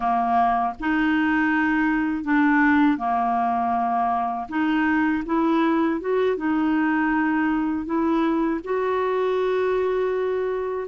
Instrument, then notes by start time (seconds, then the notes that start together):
clarinet
0.00 A#3
0.80 D#4
2.24 D4
2.97 A#3
4.48 D#4
5.25 E4
6.00 F#4
6.36 D#4
7.85 E4
8.64 F#4